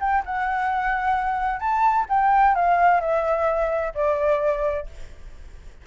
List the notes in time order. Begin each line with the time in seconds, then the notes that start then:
0.00 G5
0.25 F#5
1.59 A5
2.09 G5
2.55 F5
3.00 E5
3.94 D5